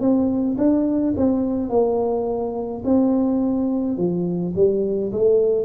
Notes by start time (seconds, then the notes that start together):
0.00 C4
0.58 D4
1.17 C4
1.69 A#3
2.85 C4
3.97 F3
4.55 G3
5.13 A3